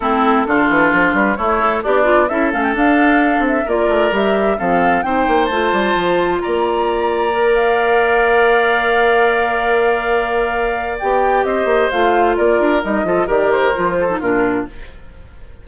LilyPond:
<<
  \new Staff \with { instrumentName = "flute" } { \time 4/4 \tempo 4 = 131 a'2~ a'8 b'8 cis''4 | d''4 e''8 f''16 g''16 f''4. e''8 | d''4 e''4 f''4 g''4 | a''2 ais''2~ |
ais''8 f''2.~ f''8~ | f''1 | g''4 dis''4 f''4 d''4 | dis''4 d''8 c''4. ais'4 | }
  \new Staff \with { instrumentName = "oboe" } { \time 4/4 e'4 f'2 e'4 | d'4 a'2. | ais'2 a'4 c''4~ | c''2 d''2~ |
d''1~ | d''1~ | d''4 c''2 ais'4~ | ais'8 a'8 ais'4. a'8 f'4 | }
  \new Staff \with { instrumentName = "clarinet" } { \time 4/4 c'4 d'2 a8 a'8 | g'8 f'8 e'8 cis'8 d'2 | f'4 g'4 c'4 dis'4 | f'1 |
ais'1~ | ais'1 | g'2 f'2 | dis'8 f'8 g'4 f'8. dis'16 d'4 | }
  \new Staff \with { instrumentName = "bassoon" } { \time 4/4 a4 d8 e8 f8 g8 a4 | b4 cis'8 a8 d'4. c'8 | ais8 a8 g4 f4 c'8 ais8 | a8 g8 f4 ais2~ |
ais1~ | ais1 | b4 c'8 ais8 a4 ais8 d'8 | g8 f8 dis4 f4 ais,4 | }
>>